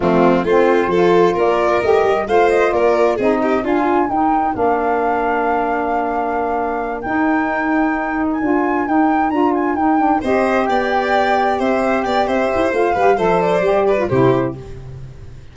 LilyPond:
<<
  \new Staff \with { instrumentName = "flute" } { \time 4/4 \tempo 4 = 132 f'4 c''2 d''4 | dis''4 f''8 dis''8 d''4 dis''4 | gis''4 g''4 f''2~ | f''2.~ f''8 g''8~ |
g''2~ g''16 gis''4~ gis''16 g''8~ | g''8 ais''8 gis''8 g''4 dis''4 g''8~ | g''4. e''4 g''8 e''4 | f''4 e''8 d''4. c''4 | }
  \new Staff \with { instrumentName = "violin" } { \time 4/4 c'4 f'4 a'4 ais'4~ | ais'4 c''4 ais'4 gis'8 g'8 | f'4 ais'2.~ | ais'1~ |
ais'1~ | ais'2~ ais'8 c''4 d''8~ | d''4. c''4 d''8 c''4~ | c''8 b'8 c''4. b'8 g'4 | }
  \new Staff \with { instrumentName = "saxophone" } { \time 4/4 a4 c'4 f'2 | g'4 f'2 dis'4 | f'4 dis'4 d'2~ | d'2.~ d'8 dis'8~ |
dis'2~ dis'8 f'4 dis'8~ | dis'8 f'4 dis'8 d'8 g'4.~ | g'1 | f'8 g'8 a'4 g'8. f'16 e'4 | }
  \new Staff \with { instrumentName = "tuba" } { \time 4/4 f4 a4 f4 ais4 | a8 g8 a4 ais4 c'4 | d'4 dis'4 ais2~ | ais2.~ ais8 dis'8~ |
dis'2~ dis'8 d'4 dis'8~ | dis'8 d'4 dis'4 c'4 b8~ | b4. c'4 b8 c'8 e'8 | a8 g8 f4 g4 c4 | }
>>